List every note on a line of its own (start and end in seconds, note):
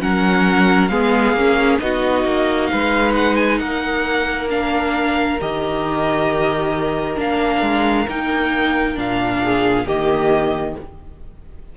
0.00 0.90 F#3
0.00 0.90 C#4
0.00 0.92 A#4
0.00 0.88 F#5
0.88 1.34 G#3
0.88 1.36 B3
0.88 1.82 G#4
0.88 1.78 F5
1.34 1.78 A#3
1.34 1.80 C#4
1.80 2.24 B3
1.80 4.49 D#4
1.80 2.72 F#4
1.80 2.67 D#5
2.24 2.69 A#3
2.67 3.61 G#3
2.67 3.60 B4
2.67 3.12 F5
3.15 3.36 F#5
3.36 3.58 G#5
3.59 5.40 A#3
3.59 9.42 A#4
3.59 4.49 F#5
4.50 5.40 D4
4.50 5.40 F5
5.41 7.17 D#3
5.41 7.16 G4
5.41 7.20 D#5
7.16 7.62 A#3
7.16 8.06 D4
7.16 8.10 F5
7.62 8.07 G#3
8.08 8.98 A#3
8.08 8.96 D#4
8.08 8.99 G5
8.96 9.86 A#2
8.96 9.85 D4
8.96 9.87 F5
9.45 9.86 G#4
9.86 10.75 D#3
9.86 10.76 A#3
9.86 10.76 G4
9.86 10.77 D#5